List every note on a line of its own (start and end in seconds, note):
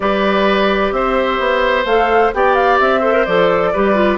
0.00 0.91 G3
0.00 1.85 G4
0.00 0.94 B4
0.00 0.92 D5
0.91 1.38 C4
0.91 2.34 C5
0.91 1.85 E5
1.39 1.85 B3
1.85 2.31 A3
1.85 2.33 A4
1.85 2.32 F5
2.33 2.80 B3
2.33 3.01 G4
2.33 3.00 D5
2.33 2.55 G5
2.55 2.78 F5
2.79 3.26 C4
2.79 3.25 E5
3.00 3.12 A4
3.00 3.70 C5
3.13 3.24 A#4
3.25 3.73 F3
3.25 3.74 A4
3.25 4.18 D5
3.72 4.18 G3
3.72 3.94 G4
3.72 4.18 B4
3.94 4.18 F4